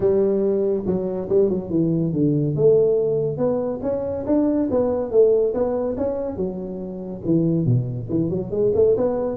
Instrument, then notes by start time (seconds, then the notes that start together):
tuba
0.00 G3
0.86 F#3
1.29 G3
1.49 F#3
1.70 E3
2.13 D3
2.55 A3
3.37 B3
3.82 C#4
4.26 D4
4.70 B3
5.11 A3
5.54 B3
5.97 C#4
6.36 F#3
7.25 E3
7.65 B2
8.09 E3
8.29 F#3
8.50 G#3
8.74 A3
8.96 B3